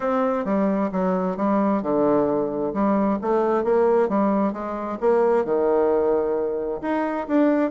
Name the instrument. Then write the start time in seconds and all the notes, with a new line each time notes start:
bassoon
0.00 C4
0.44 G3
0.92 F#3
1.37 G3
1.82 D3
2.73 G3
3.21 A3
3.63 A#3
4.08 G3
4.52 G#3
5.00 A#3
5.44 D#3
6.81 D#4
7.27 D4